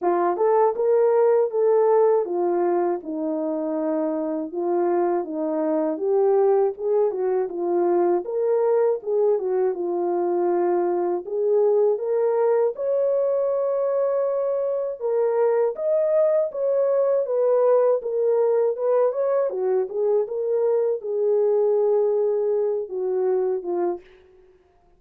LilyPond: \new Staff \with { instrumentName = "horn" } { \time 4/4 \tempo 4 = 80 f'8 a'8 ais'4 a'4 f'4 | dis'2 f'4 dis'4 | g'4 gis'8 fis'8 f'4 ais'4 | gis'8 fis'8 f'2 gis'4 |
ais'4 cis''2. | ais'4 dis''4 cis''4 b'4 | ais'4 b'8 cis''8 fis'8 gis'8 ais'4 | gis'2~ gis'8 fis'4 f'8 | }